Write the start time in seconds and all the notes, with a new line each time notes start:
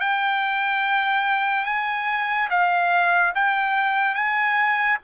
0.00 G5
1.65 G#5
2.50 F5
3.35 G5
4.15 G#5